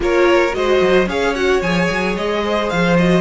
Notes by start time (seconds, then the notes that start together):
0.00 A#3 F4 A#4 C#5
0.52 G#3 F#4 C5 D#5
0.81 F#3
1.06 C#4 G#4 C#5 F5
1.34 F#4 F#5
1.61 F3 G#4 G#5
1.89 F#3
2.16 G#3 D#5
2.43 C5
2.69 F3 F5
2.97 F#4 D#5